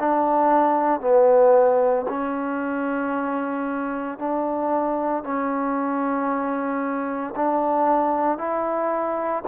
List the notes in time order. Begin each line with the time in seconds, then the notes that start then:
0.00 D4
1.01 B3
2.09 C#4
4.19 D4
5.24 C#4
7.36 D4
8.38 E4